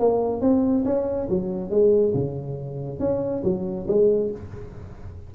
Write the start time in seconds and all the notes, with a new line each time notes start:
0.00 A#3
0.41 C4
0.85 C#4
1.30 F#3
1.71 G#3
2.14 C#3
3.00 C#4
3.44 F#3
3.88 G#3